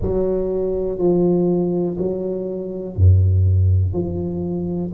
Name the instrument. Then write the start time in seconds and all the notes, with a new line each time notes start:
tuba
0.01 F#3
0.98 F3
1.98 F#3
2.96 F#2
3.93 F3